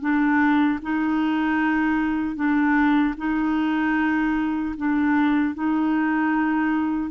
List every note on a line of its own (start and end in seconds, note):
0.00 0.79 D4
0.81 2.35 D#4
2.35 3.14 D4
3.17 4.75 D#4
4.77 5.54 D4
5.54 7.10 D#4